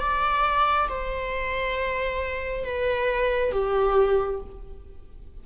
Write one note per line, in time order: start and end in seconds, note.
0.00 0.88 D5
0.89 2.65 C5
2.65 3.52 B4
3.52 4.40 G4